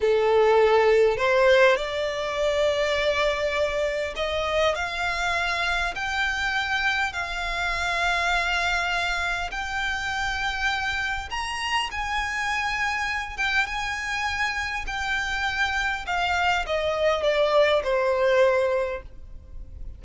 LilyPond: \new Staff \with { instrumentName = "violin" } { \time 4/4 \tempo 4 = 101 a'2 c''4 d''4~ | d''2. dis''4 | f''2 g''2 | f''1 |
g''2. ais''4 | gis''2~ gis''8 g''8 gis''4~ | gis''4 g''2 f''4 | dis''4 d''4 c''2 | }